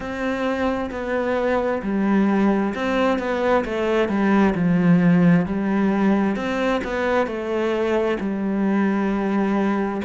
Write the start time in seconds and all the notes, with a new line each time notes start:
0.00 C4
0.90 B3
1.83 G3
2.74 C4
3.19 B3
3.64 A3
4.08 G3
4.55 F3
5.45 G3
6.36 C4
6.84 B3
7.26 A3
8.19 G3